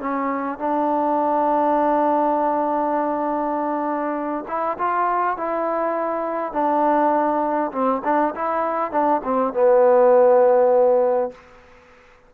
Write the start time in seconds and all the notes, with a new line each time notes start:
0.00 C#4
0.59 D4
4.48 E4
4.78 F4
5.37 E4
6.53 D4
7.72 C4
8.05 D4
8.35 E4
8.92 D4
9.24 C4
9.53 B3